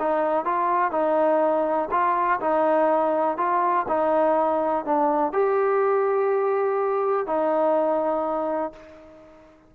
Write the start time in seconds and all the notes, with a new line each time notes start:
0.00 D#4
0.45 F4
0.92 D#4
1.91 F4
2.41 D#4
3.38 F4
3.88 D#4
4.85 D4
5.33 G4
7.27 D#4